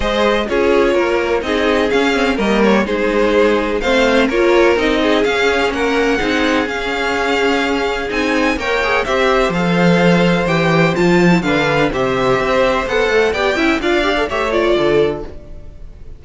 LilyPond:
<<
  \new Staff \with { instrumentName = "violin" } { \time 4/4 \tempo 4 = 126 dis''4 cis''2 dis''4 | f''4 dis''8 cis''8 c''2 | f''4 cis''4 dis''4 f''4 | fis''2 f''2~ |
f''4 gis''4 g''4 e''4 | f''2 g''4 a''4 | f''4 e''2 fis''4 | g''4 f''4 e''8 d''4. | }
  \new Staff \with { instrumentName = "violin" } { \time 4/4 c''4 gis'4 ais'4 gis'4~ | gis'4 ais'4 gis'2 | c''4 ais'4. gis'4. | ais'4 gis'2.~ |
gis'2 cis''4 c''4~ | c''1 | b'4 c''2. | d''8 e''8 d''4 cis''4 a'4 | }
  \new Staff \with { instrumentName = "viola" } { \time 4/4 gis'4 f'2 dis'4 | cis'8 c'8 ais4 dis'2 | c'4 f'4 dis'4 cis'4~ | cis'4 dis'4 cis'2~ |
cis'4 dis'4 ais'8 gis'8 g'4 | a'2 g'4 f'8. e'16 | d'4 g'2 a'4 | g'8 e'8 f'8 g'16 a'16 g'8 f'4. | }
  \new Staff \with { instrumentName = "cello" } { \time 4/4 gis4 cis'4 ais4 c'4 | cis'4 g4 gis2 | a4 ais4 c'4 cis'4 | ais4 c'4 cis'2~ |
cis'4 c'4 ais4 c'4 | f2 e4 f4 | d4 c4 c'4 b8 a8 | b8 cis'8 d'4 a4 d4 | }
>>